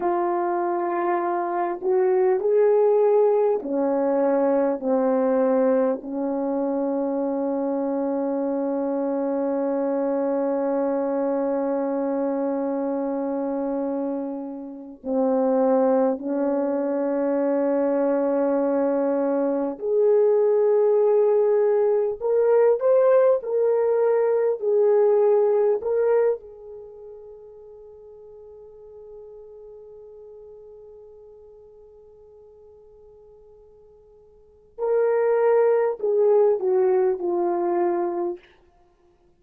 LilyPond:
\new Staff \with { instrumentName = "horn" } { \time 4/4 \tempo 4 = 50 f'4. fis'8 gis'4 cis'4 | c'4 cis'2.~ | cis'1~ | cis'8 c'4 cis'2~ cis'8~ |
cis'8 gis'2 ais'8 c''8 ais'8~ | ais'8 gis'4 ais'8 gis'2~ | gis'1~ | gis'4 ais'4 gis'8 fis'8 f'4 | }